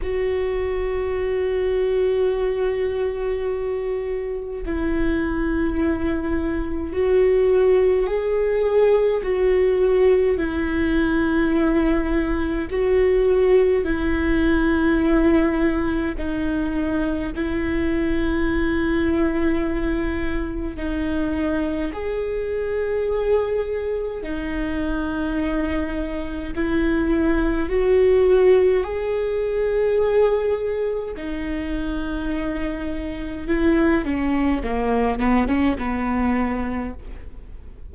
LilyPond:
\new Staff \with { instrumentName = "viola" } { \time 4/4 \tempo 4 = 52 fis'1 | e'2 fis'4 gis'4 | fis'4 e'2 fis'4 | e'2 dis'4 e'4~ |
e'2 dis'4 gis'4~ | gis'4 dis'2 e'4 | fis'4 gis'2 dis'4~ | dis'4 e'8 cis'8 ais8 b16 cis'16 b4 | }